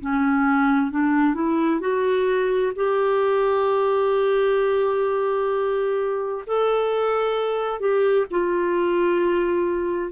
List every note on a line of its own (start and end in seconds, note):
0.00 0.91 C#4
0.91 1.34 D4
1.34 1.80 E4
1.80 2.72 F#4
2.75 6.44 G4
6.47 7.80 A4
7.80 8.26 G4
8.30 10.11 F4